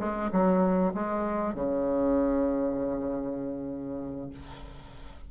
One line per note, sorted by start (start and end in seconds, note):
0.00 0.31 G#3
0.33 0.94 F#3
0.95 1.55 G#3
1.55 4.30 C#3